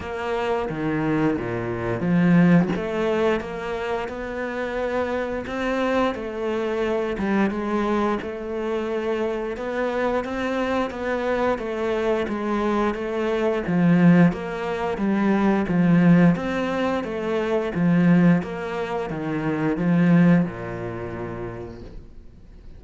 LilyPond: \new Staff \with { instrumentName = "cello" } { \time 4/4 \tempo 4 = 88 ais4 dis4 ais,4 f4 | a4 ais4 b2 | c'4 a4. g8 gis4 | a2 b4 c'4 |
b4 a4 gis4 a4 | f4 ais4 g4 f4 | c'4 a4 f4 ais4 | dis4 f4 ais,2 | }